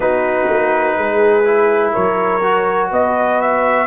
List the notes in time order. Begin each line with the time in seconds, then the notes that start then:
0.00 B3 D#4 F#4 B4
0.49 A#3
0.97 G#3 G#4
1.44 E4
1.92 F#3 A#4 C#5
2.43 F#4
2.91 B3 B4 D#5
3.41 E5